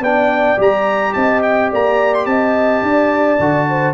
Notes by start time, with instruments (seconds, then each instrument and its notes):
0.00 tuba B3, trombone D4, horn D5, trumpet G5
0.58 tuba G3, trombone G4, trumpet A#5
1.14 tuba C4, horn D#5, trumpet A5
1.42 trumpet G5
1.72 tuba A#3, horn D5, trumpet A#5
2.14 trumpet C6
2.26 tuba C4, horn D#5, trumpet A5
2.82 tuba D4, horn D5
3.39 tuba D3, trombone F#4
3.69 horn C5